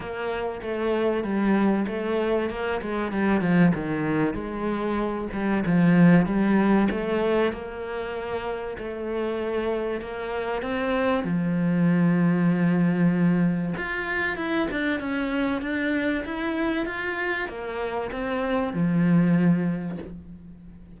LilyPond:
\new Staff \with { instrumentName = "cello" } { \time 4/4 \tempo 4 = 96 ais4 a4 g4 a4 | ais8 gis8 g8 f8 dis4 gis4~ | gis8 g8 f4 g4 a4 | ais2 a2 |
ais4 c'4 f2~ | f2 f'4 e'8 d'8 | cis'4 d'4 e'4 f'4 | ais4 c'4 f2 | }